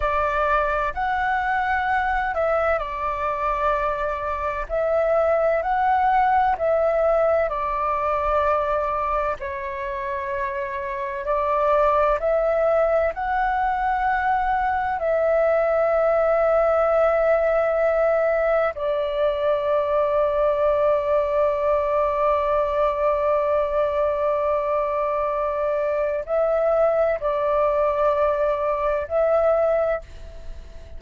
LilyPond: \new Staff \with { instrumentName = "flute" } { \time 4/4 \tempo 4 = 64 d''4 fis''4. e''8 d''4~ | d''4 e''4 fis''4 e''4 | d''2 cis''2 | d''4 e''4 fis''2 |
e''1 | d''1~ | d''1 | e''4 d''2 e''4 | }